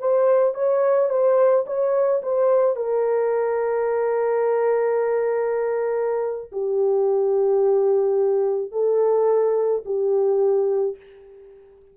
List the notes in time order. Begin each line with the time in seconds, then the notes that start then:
0.00 C5
0.55 C#5
1.10 C5
1.67 C#5
2.23 C5
2.77 A#4
6.53 G4
8.72 A4
9.86 G4